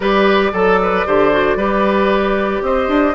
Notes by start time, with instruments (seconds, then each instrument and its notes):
0.00 bassoon G3, clarinet G4, oboe B4, flute D5
0.53 bassoon F#3, oboe A4, clarinet A4
0.82 oboe B4
1.06 bassoon D3, clarinet G4, oboe C5
1.32 clarinet F#4
1.56 bassoon G3, clarinet G4, oboe B4
2.61 bassoon C4, oboe C5, flute D#5
2.88 bassoon D4